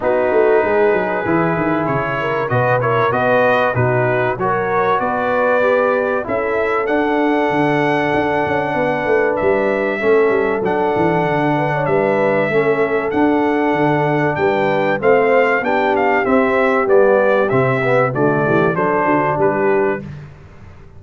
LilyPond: <<
  \new Staff \with { instrumentName = "trumpet" } { \time 4/4 \tempo 4 = 96 b'2. cis''4 | dis''8 cis''8 dis''4 b'4 cis''4 | d''2 e''4 fis''4~ | fis''2. e''4~ |
e''4 fis''2 e''4~ | e''4 fis''2 g''4 | f''4 g''8 f''8 e''4 d''4 | e''4 d''4 c''4 b'4 | }
  \new Staff \with { instrumentName = "horn" } { \time 4/4 fis'4 gis'2~ gis'8 ais'8 | b'8 ais'8 b'4 fis'4 ais'4 | b'2 a'2~ | a'2 b'2 |
a'2~ a'8 b'16 cis''16 b'4 | a'2. b'4 | c''4 g'2.~ | g'4 fis'8 g'8 a'8 fis'8 g'4 | }
  \new Staff \with { instrumentName = "trombone" } { \time 4/4 dis'2 e'2 | fis'8 e'8 fis'4 dis'4 fis'4~ | fis'4 g'4 e'4 d'4~ | d'1 |
cis'4 d'2. | cis'4 d'2. | c'4 d'4 c'4 b4 | c'8 b8 a4 d'2 | }
  \new Staff \with { instrumentName = "tuba" } { \time 4/4 b8 a8 gis8 fis8 e8 dis8 cis4 | b,4 b4 b,4 fis4 | b2 cis'4 d'4 | d4 d'8 cis'8 b8 a8 g4 |
a8 g8 fis8 e8 d4 g4 | a4 d'4 d4 g4 | a4 b4 c'4 g4 | c4 d8 e8 fis8 d8 g4 | }
>>